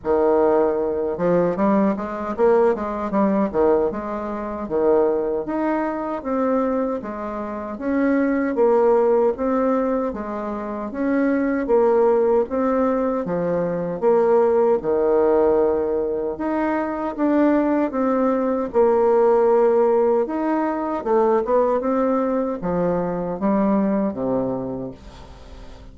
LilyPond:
\new Staff \with { instrumentName = "bassoon" } { \time 4/4 \tempo 4 = 77 dis4. f8 g8 gis8 ais8 gis8 | g8 dis8 gis4 dis4 dis'4 | c'4 gis4 cis'4 ais4 | c'4 gis4 cis'4 ais4 |
c'4 f4 ais4 dis4~ | dis4 dis'4 d'4 c'4 | ais2 dis'4 a8 b8 | c'4 f4 g4 c4 | }